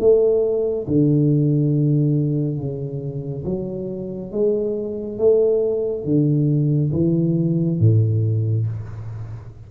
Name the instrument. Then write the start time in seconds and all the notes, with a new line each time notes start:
tuba
0.00 A3
0.87 D3
2.57 C#3
3.45 F#3
4.32 G#3
5.18 A3
6.05 D3
6.93 E3
7.80 A2